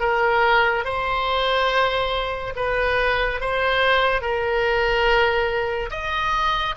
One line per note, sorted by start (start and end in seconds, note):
0.00 0.85 A#4
0.85 2.54 C5
2.56 3.41 B4
3.41 4.21 C5
4.21 5.90 A#4
5.91 6.75 D#5